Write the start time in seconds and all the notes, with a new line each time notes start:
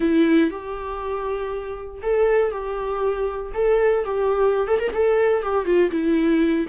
0.00 E4
0.50 G4
2.02 A4
2.51 G4
3.54 A4
4.04 G4
4.67 A4
4.79 A#4
4.93 A4
5.42 G4
5.65 F4
5.90 E4